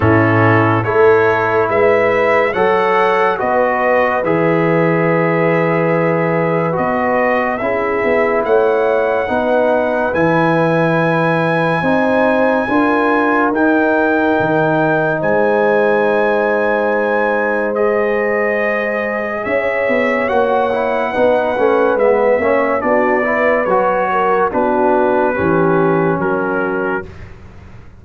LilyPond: <<
  \new Staff \with { instrumentName = "trumpet" } { \time 4/4 \tempo 4 = 71 a'4 cis''4 e''4 fis''4 | dis''4 e''2. | dis''4 e''4 fis''2 | gis''1 |
g''2 gis''2~ | gis''4 dis''2 e''4 | fis''2 e''4 d''4 | cis''4 b'2 ais'4 | }
  \new Staff \with { instrumentName = "horn" } { \time 4/4 e'4 a'4 b'4 cis''4 | b'1~ | b'4 gis'4 cis''4 b'4~ | b'2 c''4 ais'4~ |
ais'2 c''2~ | c''2. cis''4~ | cis''4 b'4. cis''8 fis'8 b'8~ | b'8 ais'8 fis'4 g'4 fis'4 | }
  \new Staff \with { instrumentName = "trombone" } { \time 4/4 cis'4 e'2 a'4 | fis'4 gis'2. | fis'4 e'2 dis'4 | e'2 dis'4 f'4 |
dis'1~ | dis'4 gis'2. | fis'8 e'8 dis'8 cis'8 b8 cis'8 d'8 e'8 | fis'4 d'4 cis'2 | }
  \new Staff \with { instrumentName = "tuba" } { \time 4/4 a,4 a4 gis4 fis4 | b4 e2. | b4 cis'8 b8 a4 b4 | e2 c'4 d'4 |
dis'4 dis4 gis2~ | gis2. cis'8 b8 | ais4 b8 a8 gis8 ais8 b4 | fis4 b4 e4 fis4 | }
>>